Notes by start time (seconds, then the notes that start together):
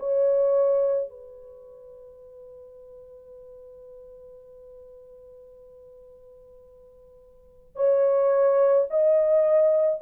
0.00 C#5
1.10 B4
7.76 C#5
8.90 D#5